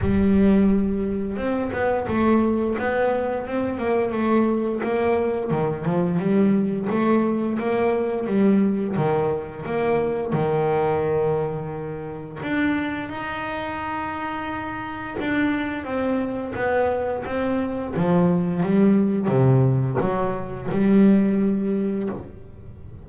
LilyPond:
\new Staff \with { instrumentName = "double bass" } { \time 4/4 \tempo 4 = 87 g2 c'8 b8 a4 | b4 c'8 ais8 a4 ais4 | dis8 f8 g4 a4 ais4 | g4 dis4 ais4 dis4~ |
dis2 d'4 dis'4~ | dis'2 d'4 c'4 | b4 c'4 f4 g4 | c4 fis4 g2 | }